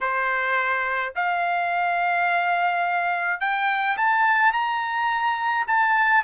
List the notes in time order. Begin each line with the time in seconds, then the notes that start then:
0.01 C5
1.15 F5
3.40 G5
3.97 A5
4.53 A#5
5.67 A5